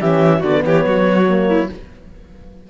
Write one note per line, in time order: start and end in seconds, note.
0.00 0.43 E3
0.00 0.42 C#4
0.00 0.40 G4
0.00 0.42 E5
0.40 0.64 D3
0.40 1.25 B3
0.40 0.60 F#4
0.40 0.63 D5
0.64 0.85 E3
0.64 0.86 G4
0.64 1.70 C#5
0.87 1.69 F#3
0.87 1.49 F#4
1.28 1.69 A#3
1.49 1.69 E4